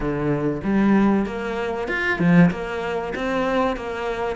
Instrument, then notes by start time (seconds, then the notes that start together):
cello
0.00 D3
0.63 G3
1.26 A#3
1.88 F4
2.19 F3
2.51 A#3
3.15 C4
3.76 A#3